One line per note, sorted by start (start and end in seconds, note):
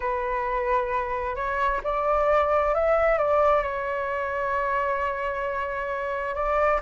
0.00 1.35 B4
1.35 1.81 C#5
1.83 2.74 D5
2.74 3.17 E5
3.17 3.62 D5
3.62 6.34 C#5
6.34 6.80 D5